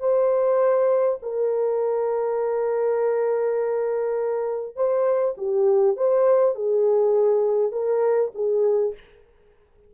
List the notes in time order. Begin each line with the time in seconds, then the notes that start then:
0.00 C5
1.23 A#4
4.76 C5
5.38 G4
5.97 C5
6.55 G#4
7.72 A#4
8.35 G#4